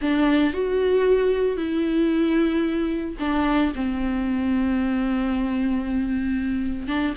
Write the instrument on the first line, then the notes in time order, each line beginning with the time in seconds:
viola
0.01 D4
0.53 F#4
1.57 E4
3.19 D4
3.75 C4
6.87 D4